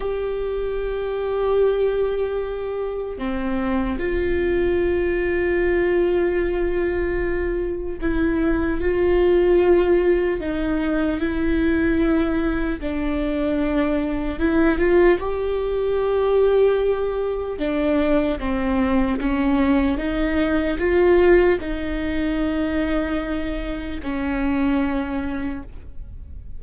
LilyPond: \new Staff \with { instrumentName = "viola" } { \time 4/4 \tempo 4 = 75 g'1 | c'4 f'2.~ | f'2 e'4 f'4~ | f'4 dis'4 e'2 |
d'2 e'8 f'8 g'4~ | g'2 d'4 c'4 | cis'4 dis'4 f'4 dis'4~ | dis'2 cis'2 | }